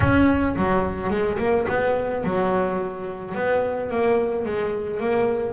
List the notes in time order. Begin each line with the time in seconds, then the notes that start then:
0.00 C#4
0.56 F#3
1.10 G#3
1.38 A#3
1.68 B3
2.24 F#3
3.34 B3
3.90 A#3
4.45 G#3
5.00 A#3